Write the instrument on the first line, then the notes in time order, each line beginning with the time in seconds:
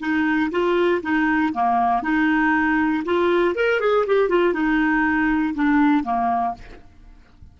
clarinet
0.00 D#4
0.51 F4
1.03 D#4
1.54 A#3
2.03 D#4
3.05 F4
3.55 A#4
3.80 G#4
4.07 G4
4.29 F4
4.54 D#4
5.55 D4
6.04 A#3